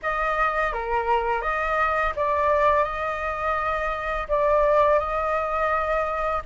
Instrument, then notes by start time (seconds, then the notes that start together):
flute
0.02 D#5
0.72 A#4
1.41 D#5
2.16 D5
2.84 D#5
4.28 D5
4.99 D#5